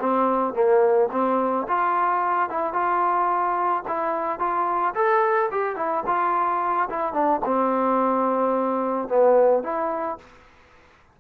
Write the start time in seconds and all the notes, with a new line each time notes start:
0.00 C4
0.54 A#3
1.12 C4
1.68 F4
2.50 E4
2.73 F4
3.88 E4
4.39 F4
4.95 A4
5.51 G4
5.76 E4
6.07 F4
6.90 E4
7.13 D4
7.45 C4
9.09 B3
9.63 E4